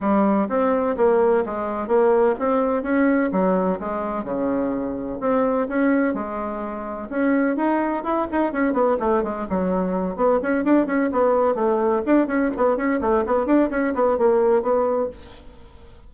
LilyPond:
\new Staff \with { instrumentName = "bassoon" } { \time 4/4 \tempo 4 = 127 g4 c'4 ais4 gis4 | ais4 c'4 cis'4 fis4 | gis4 cis2 c'4 | cis'4 gis2 cis'4 |
dis'4 e'8 dis'8 cis'8 b8 a8 gis8 | fis4. b8 cis'8 d'8 cis'8 b8~ | b8 a4 d'8 cis'8 b8 cis'8 a8 | b8 d'8 cis'8 b8 ais4 b4 | }